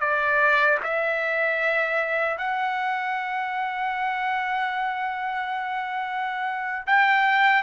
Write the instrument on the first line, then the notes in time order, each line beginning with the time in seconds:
trumpet
0.00 D5
0.83 E5
2.38 F#5
6.86 G5